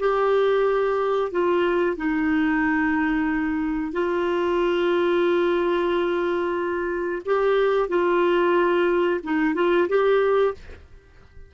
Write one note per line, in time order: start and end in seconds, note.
0.00 1.32 G4
1.32 1.97 F4
1.97 3.93 D#4
3.93 7.23 F4
7.26 7.89 G4
7.89 9.21 F4
9.24 9.55 D#4
9.55 9.88 F4
9.89 10.55 G4